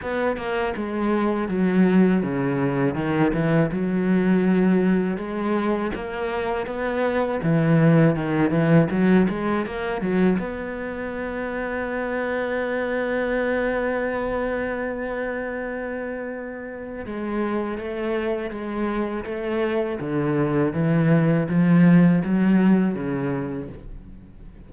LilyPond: \new Staff \with { instrumentName = "cello" } { \time 4/4 \tempo 4 = 81 b8 ais8 gis4 fis4 cis4 | dis8 e8 fis2 gis4 | ais4 b4 e4 dis8 e8 | fis8 gis8 ais8 fis8 b2~ |
b1~ | b2. gis4 | a4 gis4 a4 d4 | e4 f4 fis4 cis4 | }